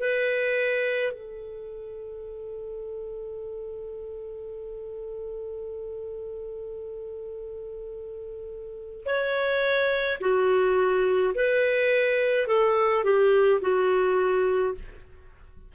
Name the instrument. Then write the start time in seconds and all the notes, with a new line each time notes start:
clarinet
0.00 B4
1.12 A4
9.05 C#5
10.20 F#4
11.34 B4
12.47 A4
13.04 G4
13.61 F#4